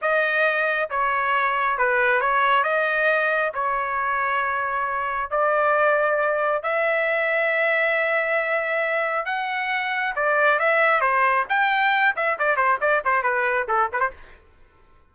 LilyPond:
\new Staff \with { instrumentName = "trumpet" } { \time 4/4 \tempo 4 = 136 dis''2 cis''2 | b'4 cis''4 dis''2 | cis''1 | d''2. e''4~ |
e''1~ | e''4 fis''2 d''4 | e''4 c''4 g''4. e''8 | d''8 c''8 d''8 c''8 b'4 a'8 b'16 c''16 | }